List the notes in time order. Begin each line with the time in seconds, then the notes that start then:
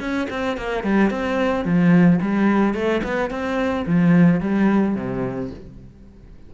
0.00 C#4
0.30 C4
0.58 A#3
0.84 G3
1.11 C4
1.65 F3
2.22 G3
2.74 A3
3.04 B3
3.31 C4
3.87 F3
4.40 G3
4.95 C3